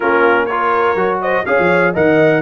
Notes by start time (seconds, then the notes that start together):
0.00 A#3 C#4 F4 A#4
0.46 F4 A#4 C#5
0.94 F#3 F#4
1.21 C5 D#5
1.45 C#4 G#4 C#5 F5
1.58 F3
1.93 D#3 A#4 D#5 F#5